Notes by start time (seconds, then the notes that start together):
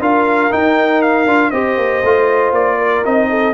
0.00 D4 F4 A#4 F5
0.51 D#4 G5
1.02 F5
1.26 D4 F4
1.51 C4 G4 C5 D#5
1.77 A#3
2.03 A3 F4
2.52 A#3 D5
2.78 A#4
3.05 C4 D#4 D#5
3.30 A4